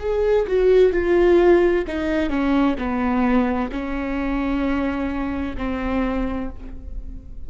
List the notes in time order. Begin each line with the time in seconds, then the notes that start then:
0.00 G#4
0.47 F#4
0.93 F4
1.88 D#4
2.30 C#4
2.79 B3
3.72 C#4
5.58 C4